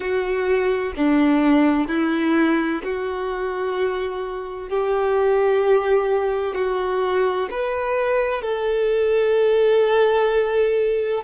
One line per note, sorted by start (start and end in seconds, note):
0.00 0.92 F#4
0.96 1.87 D4
1.87 2.81 E4
2.83 4.69 F#4
4.69 6.54 G4
6.54 7.48 F#4
7.50 8.42 B4
8.42 11.23 A4